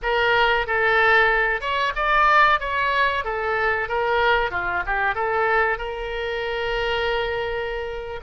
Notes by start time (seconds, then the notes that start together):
0.02 A#4
0.67 A4
1.60 C#5
1.95 D5
2.60 C#5
3.24 A4
3.88 A#4
4.50 F4
4.86 G4
5.14 A4
5.78 A#4